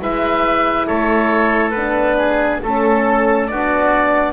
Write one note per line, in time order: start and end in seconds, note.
0.00 0.89 G#3
0.00 1.74 E4
0.00 0.87 B4
0.00 0.87 E5
0.87 1.73 A3
0.87 2.17 A4
0.87 1.70 C#5
1.70 2.60 B3
1.70 2.62 D4
1.70 2.57 B4
2.18 2.61 G#4
2.62 3.51 A3
2.62 3.49 C#4
2.62 3.47 A4
2.62 3.51 A4
3.47 4.33 B3
3.47 4.33 D4
3.47 4.33 F#4
3.47 4.33 D5